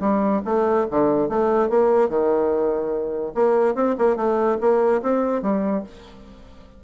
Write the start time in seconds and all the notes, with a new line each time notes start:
0.00 G3
0.45 A3
0.90 D3
1.29 A3
1.69 A#3
2.09 D#3
3.34 A#3
3.74 C4
3.98 A#3
4.16 A3
4.60 A#3
5.02 C4
5.42 G3